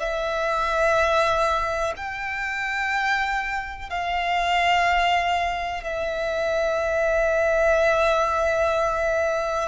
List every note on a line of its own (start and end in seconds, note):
0.00 1.94 E5
1.97 3.90 G5
3.90 5.84 F5
5.84 9.69 E5